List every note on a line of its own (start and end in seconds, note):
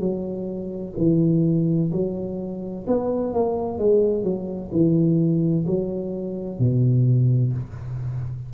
0.00 0.94 F#3
0.98 1.92 E3
1.92 2.86 F#3
2.88 3.34 B3
3.34 3.79 A#3
3.79 4.24 G#3
4.24 4.70 F#3
4.72 5.66 E3
5.67 6.59 F#3
6.59 7.53 B2